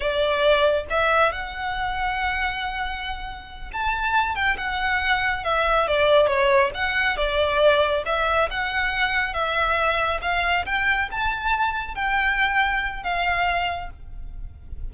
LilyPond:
\new Staff \with { instrumentName = "violin" } { \time 4/4 \tempo 4 = 138 d''2 e''4 fis''4~ | fis''1~ | fis''8 a''4. g''8 fis''4.~ | fis''8 e''4 d''4 cis''4 fis''8~ |
fis''8 d''2 e''4 fis''8~ | fis''4. e''2 f''8~ | f''8 g''4 a''2 g''8~ | g''2 f''2 | }